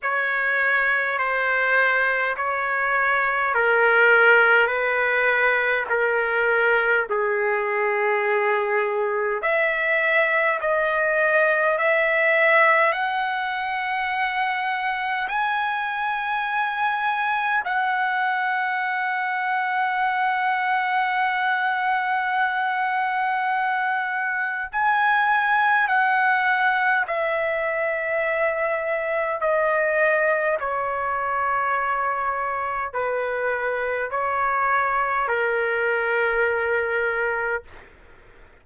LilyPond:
\new Staff \with { instrumentName = "trumpet" } { \time 4/4 \tempo 4 = 51 cis''4 c''4 cis''4 ais'4 | b'4 ais'4 gis'2 | e''4 dis''4 e''4 fis''4~ | fis''4 gis''2 fis''4~ |
fis''1~ | fis''4 gis''4 fis''4 e''4~ | e''4 dis''4 cis''2 | b'4 cis''4 ais'2 | }